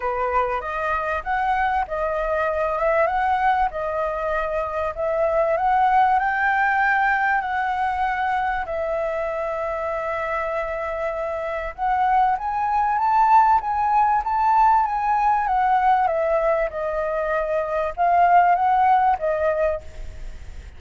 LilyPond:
\new Staff \with { instrumentName = "flute" } { \time 4/4 \tempo 4 = 97 b'4 dis''4 fis''4 dis''4~ | dis''8 e''8 fis''4 dis''2 | e''4 fis''4 g''2 | fis''2 e''2~ |
e''2. fis''4 | gis''4 a''4 gis''4 a''4 | gis''4 fis''4 e''4 dis''4~ | dis''4 f''4 fis''4 dis''4 | }